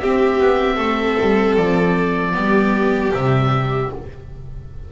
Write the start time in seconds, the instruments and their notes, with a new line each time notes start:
0.00 viola C4, double bass C4, violin G4, oboe E5
0.40 double bass B3
0.76 double bass A3, violin A4
1.21 double bass G3
1.57 double bass F3, oboe D5
2.33 double bass G3, viola B3, violin G4
3.12 double bass C3, viola G3, oboe E5